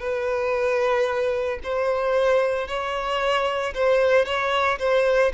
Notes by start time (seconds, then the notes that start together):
0.00 B4
1.63 C5
2.68 C#5
3.74 C5
4.26 C#5
4.79 C5